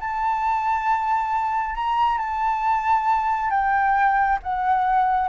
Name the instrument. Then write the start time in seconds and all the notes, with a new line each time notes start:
flute
0.00 A5
1.75 A#5
2.18 A5
3.51 G5
4.43 F#5